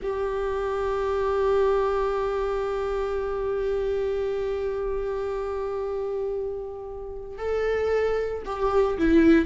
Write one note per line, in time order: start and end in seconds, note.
0.02 7.37 G4
7.37 8.43 A4
8.45 8.97 G4
8.98 9.45 E4